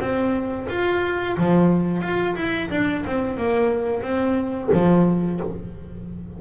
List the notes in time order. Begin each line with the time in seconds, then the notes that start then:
0.00 C4
0.69 F4
1.37 F3
2.02 F4
2.36 E4
2.71 D4
3.06 C4
3.37 A#3
4.03 C4
4.73 F3